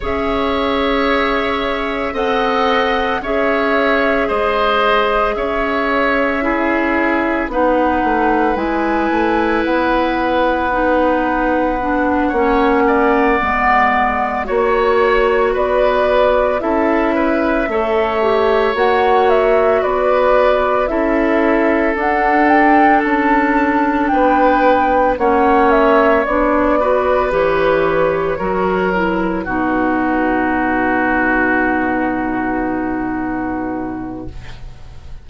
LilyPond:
<<
  \new Staff \with { instrumentName = "flute" } { \time 4/4 \tempo 4 = 56 e''2 fis''4 e''4 | dis''4 e''2 fis''4 | gis''4 fis''2.~ | fis''4. cis''4 d''4 e''8~ |
e''4. fis''8 e''8 d''4 e''8~ | e''8 fis''8 g''8 a''4 g''4 fis''8 | e''8 d''4 cis''4. b'4~ | b'1 | }
  \new Staff \with { instrumentName = "oboe" } { \time 4/4 cis''2 dis''4 cis''4 | c''4 cis''4 gis'4 b'4~ | b'2.~ b'8 cis''8 | d''4. cis''4 b'4 a'8 |
b'8 cis''2 b'4 a'8~ | a'2~ a'8 b'4 cis''8~ | cis''4 b'4. ais'4 fis'8~ | fis'1 | }
  \new Staff \with { instrumentName = "clarinet" } { \time 4/4 gis'2 a'4 gis'4~ | gis'2 e'4 dis'4 | e'2 dis'4 d'8 cis'8~ | cis'8 b4 fis'2 e'8~ |
e'8 a'8 g'8 fis'2 e'8~ | e'8 d'2. cis'8~ | cis'8 d'8 fis'8 g'4 fis'8 e'8 dis'8~ | dis'1 | }
  \new Staff \with { instrumentName = "bassoon" } { \time 4/4 cis'2 c'4 cis'4 | gis4 cis'2 b8 a8 | gis8 a8 b2~ b8 ais8~ | ais8 gis4 ais4 b4 cis'8~ |
cis'8 a4 ais4 b4 cis'8~ | cis'8 d'4 cis'4 b4 ais8~ | ais8 b4 e4 fis4 b,8~ | b,1 | }
>>